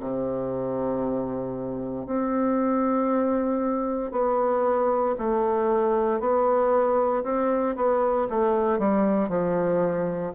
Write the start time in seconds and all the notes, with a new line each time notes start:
0.00 C3
2.06 C4
4.12 B3
5.19 A3
6.20 B3
7.24 C4
7.76 B3
8.30 A3
8.79 G3
9.29 F3